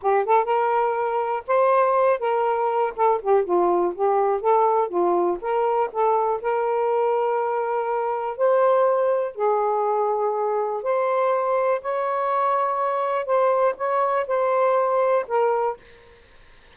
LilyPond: \new Staff \with { instrumentName = "saxophone" } { \time 4/4 \tempo 4 = 122 g'8 a'8 ais'2 c''4~ | c''8 ais'4. a'8 g'8 f'4 | g'4 a'4 f'4 ais'4 | a'4 ais'2.~ |
ais'4 c''2 gis'4~ | gis'2 c''2 | cis''2. c''4 | cis''4 c''2 ais'4 | }